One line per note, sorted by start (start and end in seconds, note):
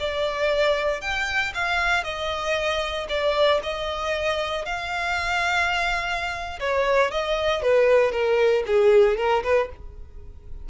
0.00 1.01 D5
1.01 1.53 G5
1.54 2.04 F5
2.04 3.07 D#5
3.09 3.61 D5
3.63 4.66 D#5
4.66 6.60 F5
6.60 7.11 C#5
7.11 7.62 D#5
7.62 8.12 B4
8.12 8.64 A#4
8.67 9.17 G#4
9.17 9.43 A#4
9.43 9.69 B4